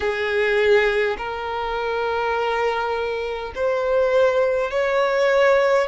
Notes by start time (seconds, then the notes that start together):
0.00 G#4
1.17 A#4
3.55 C5
4.71 C#5